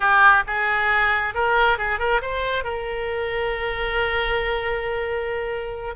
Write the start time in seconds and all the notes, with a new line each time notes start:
0.00 G4
0.46 G#4
1.34 A#4
1.78 G#4
1.99 A#4
2.21 C5
2.64 A#4